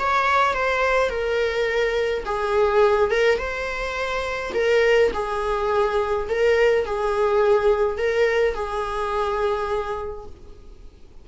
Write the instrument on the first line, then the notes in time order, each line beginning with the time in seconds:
viola
0.00 C#5
0.54 C5
1.10 A#4
2.26 G#4
3.11 A#4
3.39 C5
4.55 A#4
5.14 G#4
6.30 A#4
6.86 G#4
7.98 A#4
8.55 G#4